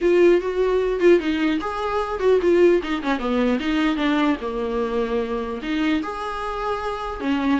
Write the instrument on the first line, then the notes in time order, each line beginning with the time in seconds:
viola
0.01 F4
0.40 F#4
0.99 F4
1.19 D#4
1.60 G#4
2.19 F#4
2.41 F4
2.82 D#4
3.02 C#4
3.18 B3
3.59 D#4
3.96 D4
4.41 A#3
5.62 D#4
6.02 G#4
7.20 C#4